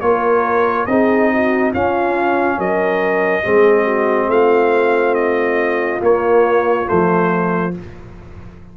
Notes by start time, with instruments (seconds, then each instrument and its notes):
0.00 tuba A#3, trombone F4, horn A#4, trumpet C#5
0.86 tuba C4, trombone D#4, horn G#4, trumpet D#5
1.33 horn F#4
1.71 tuba C#4, trombone C#4, horn F4, trumpet F5
2.58 tuba F#3, horn A#4, trumpet D#5
3.43 tuba G#3, trombone C4, horn G#4
3.84 horn F#4
4.27 tuba A3, horn F4, trumpet F5
5.14 trumpet D#5
6.01 trombone A#3, tuba A#3, trumpet C#5
6.86 tuba F3, trombone A3, trumpet C5